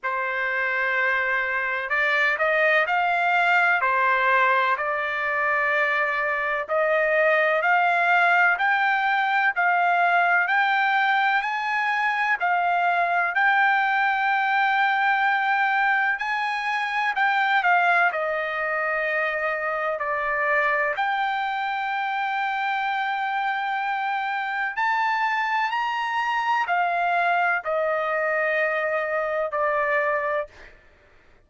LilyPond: \new Staff \with { instrumentName = "trumpet" } { \time 4/4 \tempo 4 = 63 c''2 d''8 dis''8 f''4 | c''4 d''2 dis''4 | f''4 g''4 f''4 g''4 | gis''4 f''4 g''2~ |
g''4 gis''4 g''8 f''8 dis''4~ | dis''4 d''4 g''2~ | g''2 a''4 ais''4 | f''4 dis''2 d''4 | }